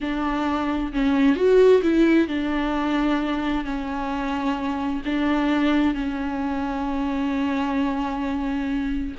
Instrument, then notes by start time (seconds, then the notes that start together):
viola
0.00 D4
0.93 C#4
1.35 F#4
1.82 E4
2.28 D4
3.64 C#4
5.05 D4
5.94 C#4